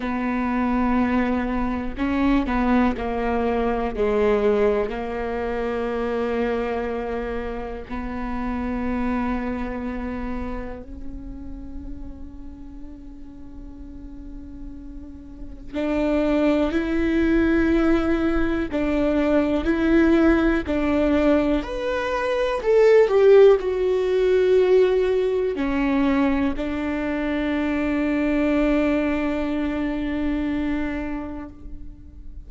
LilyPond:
\new Staff \with { instrumentName = "viola" } { \time 4/4 \tempo 4 = 61 b2 cis'8 b8 ais4 | gis4 ais2. | b2. cis'4~ | cis'1 |
d'4 e'2 d'4 | e'4 d'4 b'4 a'8 g'8 | fis'2 cis'4 d'4~ | d'1 | }